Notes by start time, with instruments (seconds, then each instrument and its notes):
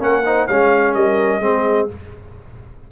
0.00 tuba A#3, trombone C#4, horn A#4, trumpet F#5
0.26 trombone D#4, horn C5
0.47 tuba G#3, trombone C#4, horn C#5, trumpet F5
0.94 tuba G3, horn A#4, trumpet D#5
1.40 tuba G#3, trombone C4, horn G#4